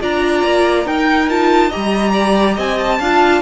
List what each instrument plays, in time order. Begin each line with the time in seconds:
0.00 cello D4, viola F4, violin D5 A#5
0.44 cello A#3
0.86 viola D#4, cello D#4, violin A#4 G5
1.29 viola F4, violin A5
1.69 viola G4, violin D#5 A#5
1.75 cello G3
2.13 violin D5
2.55 cello C4, violin D#5 G#5
2.79 violin A5
2.99 cello D4, viola F4, violin F5